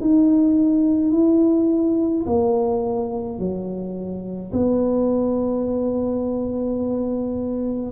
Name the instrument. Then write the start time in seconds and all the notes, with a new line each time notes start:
tuba
0.00 D#4
1.12 E4
2.26 A#3
3.39 F#3
4.52 B3